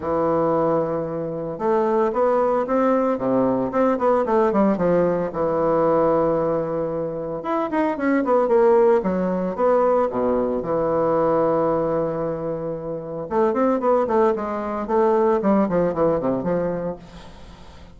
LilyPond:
\new Staff \with { instrumentName = "bassoon" } { \time 4/4 \tempo 4 = 113 e2. a4 | b4 c'4 c4 c'8 b8 | a8 g8 f4 e2~ | e2 e'8 dis'8 cis'8 b8 |
ais4 fis4 b4 b,4 | e1~ | e4 a8 c'8 b8 a8 gis4 | a4 g8 f8 e8 c8 f4 | }